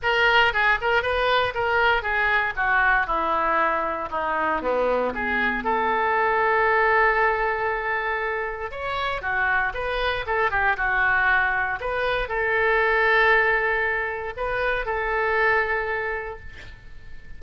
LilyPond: \new Staff \with { instrumentName = "oboe" } { \time 4/4 \tempo 4 = 117 ais'4 gis'8 ais'8 b'4 ais'4 | gis'4 fis'4 e'2 | dis'4 b4 gis'4 a'4~ | a'1~ |
a'4 cis''4 fis'4 b'4 | a'8 g'8 fis'2 b'4 | a'1 | b'4 a'2. | }